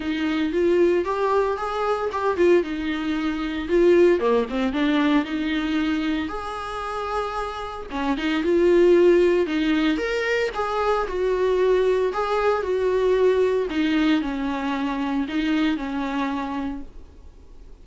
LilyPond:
\new Staff \with { instrumentName = "viola" } { \time 4/4 \tempo 4 = 114 dis'4 f'4 g'4 gis'4 | g'8 f'8 dis'2 f'4 | ais8 c'8 d'4 dis'2 | gis'2. cis'8 dis'8 |
f'2 dis'4 ais'4 | gis'4 fis'2 gis'4 | fis'2 dis'4 cis'4~ | cis'4 dis'4 cis'2 | }